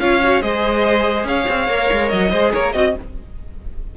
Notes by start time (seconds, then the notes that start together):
0.00 C#4 F4 C#5 F5
0.24 F#4
0.42 G#3 G#4 C5 D#5
1.25 C#4 C#5 F5
1.49 C4
1.68 A#3 A#4
1.92 G#3
2.09 F#3 D#5
2.31 G#3 G#4 C5
2.54 A#3 A#4 C#5
2.73 C4 F#4 D#5